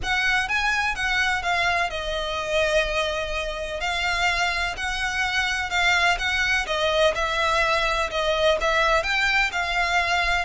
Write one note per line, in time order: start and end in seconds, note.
0.02 0.48 F#5
0.48 0.95 G#5
0.95 1.42 F#5
1.42 1.90 F5
1.90 3.80 D#5
3.80 4.75 F5
4.76 5.69 F#5
5.69 6.17 F5
6.18 6.66 F#5
6.66 7.14 D#5
7.15 8.10 E5
8.10 8.58 D#5
8.60 9.03 E5
9.03 9.50 G5
9.52 10.45 F5